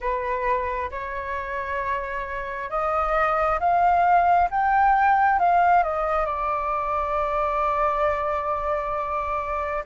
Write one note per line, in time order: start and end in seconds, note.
0.00 0.90 B4
0.90 2.69 C#5
2.69 3.59 D#5
3.59 4.49 F5
4.50 5.39 G5
5.39 5.82 F5
5.82 6.25 D#5
6.25 9.83 D5